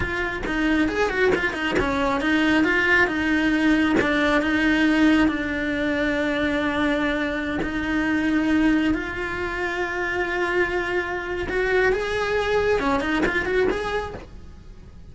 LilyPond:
\new Staff \with { instrumentName = "cello" } { \time 4/4 \tempo 4 = 136 f'4 dis'4 gis'8 fis'8 f'8 dis'8 | cis'4 dis'4 f'4 dis'4~ | dis'4 d'4 dis'2 | d'1~ |
d'4~ d'16 dis'2~ dis'8.~ | dis'16 f'2.~ f'8.~ | f'2 fis'4 gis'4~ | gis'4 cis'8 dis'8 f'8 fis'8 gis'4 | }